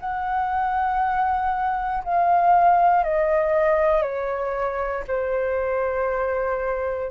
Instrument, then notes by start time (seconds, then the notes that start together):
flute
0.00 F#5
2.04 F5
3.04 D#5
4.02 C#5
5.07 C5